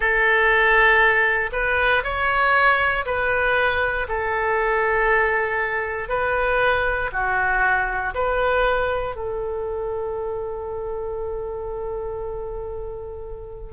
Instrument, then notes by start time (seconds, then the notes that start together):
oboe
0.00 A4
1.52 B4
2.03 C#5
3.05 B4
4.08 A4
6.08 B4
7.12 F#4
8.14 B4
9.15 A4